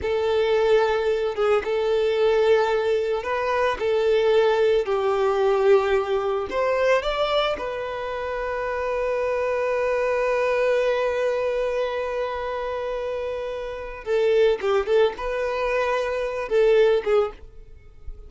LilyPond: \new Staff \with { instrumentName = "violin" } { \time 4/4 \tempo 4 = 111 a'2~ a'8 gis'8 a'4~ | a'2 b'4 a'4~ | a'4 g'2. | c''4 d''4 b'2~ |
b'1~ | b'1~ | b'2 a'4 g'8 a'8 | b'2~ b'8 a'4 gis'8 | }